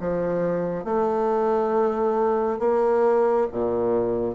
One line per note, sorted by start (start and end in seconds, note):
0.00 0.85 F3
0.85 2.59 A3
2.59 3.47 A#3
3.52 4.35 A#2